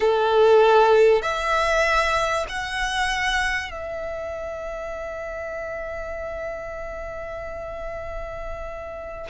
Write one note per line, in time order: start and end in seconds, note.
0.00 1.22 A4
1.22 2.45 E5
2.48 3.70 F#5
3.70 9.27 E5